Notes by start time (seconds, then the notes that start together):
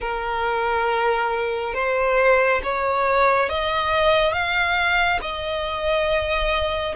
0.00 A#4
1.74 C5
2.63 C#5
3.49 D#5
4.32 F5
5.21 D#5